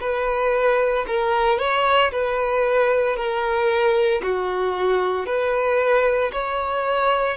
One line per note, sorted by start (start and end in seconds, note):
0.00 1.05 B4
1.07 1.58 A#4
1.58 2.11 C#5
2.11 3.16 B4
3.16 4.22 A#4
4.22 5.25 F#4
5.25 6.31 B4
6.33 7.37 C#5